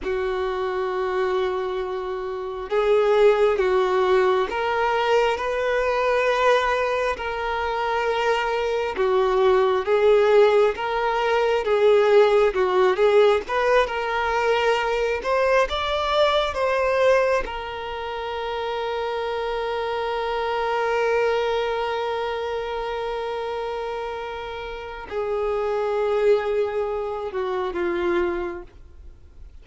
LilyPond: \new Staff \with { instrumentName = "violin" } { \time 4/4 \tempo 4 = 67 fis'2. gis'4 | fis'4 ais'4 b'2 | ais'2 fis'4 gis'4 | ais'4 gis'4 fis'8 gis'8 b'8 ais'8~ |
ais'4 c''8 d''4 c''4 ais'8~ | ais'1~ | ais'1 | gis'2~ gis'8 fis'8 f'4 | }